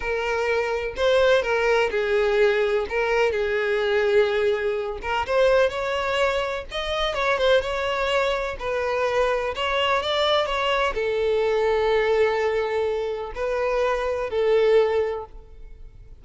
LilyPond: \new Staff \with { instrumentName = "violin" } { \time 4/4 \tempo 4 = 126 ais'2 c''4 ais'4 | gis'2 ais'4 gis'4~ | gis'2~ gis'8 ais'8 c''4 | cis''2 dis''4 cis''8 c''8 |
cis''2 b'2 | cis''4 d''4 cis''4 a'4~ | a'1 | b'2 a'2 | }